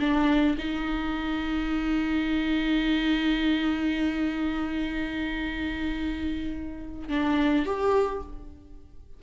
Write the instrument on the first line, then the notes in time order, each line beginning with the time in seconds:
viola
0.00 D4
0.58 D#4
7.09 D4
7.66 G4